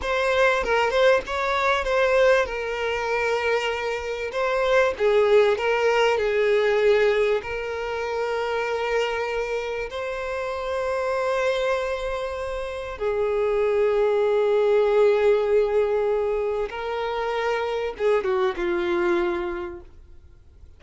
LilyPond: \new Staff \with { instrumentName = "violin" } { \time 4/4 \tempo 4 = 97 c''4 ais'8 c''8 cis''4 c''4 | ais'2. c''4 | gis'4 ais'4 gis'2 | ais'1 |
c''1~ | c''4 gis'2.~ | gis'2. ais'4~ | ais'4 gis'8 fis'8 f'2 | }